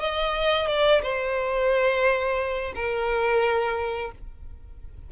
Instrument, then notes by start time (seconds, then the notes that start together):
violin
0.00 D#5
0.67 D5
1.02 C5
2.75 A#4